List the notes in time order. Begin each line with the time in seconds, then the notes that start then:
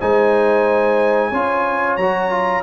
0.00 G#3 D#4 C5 G#5
1.31 C#4 F4 C#5
1.97 F#3 F#4 A#5
2.30 F4